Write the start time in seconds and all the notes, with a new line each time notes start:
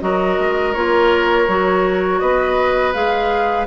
0.00 F#3 F#4 A#4 D#5
0.39 G#3
0.73 A#3 F4 C#5
1.48 F#3 F#4
2.20 B3 B4 D#5
2.94 G#3 G#4 F5